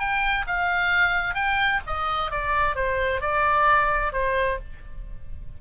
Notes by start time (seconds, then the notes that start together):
0.00 G5
0.47 F5
1.35 G5
1.87 D#5
2.32 D5
2.76 C5
3.21 D5
4.13 C5